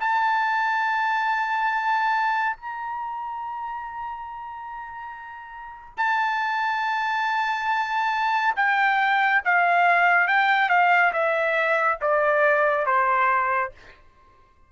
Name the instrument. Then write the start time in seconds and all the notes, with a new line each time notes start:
trumpet
0.00 A5
2.56 A#5
5.98 A5
8.56 G5
9.45 F5
10.28 G5
10.69 F5
11.13 E5
12.01 D5
12.86 C5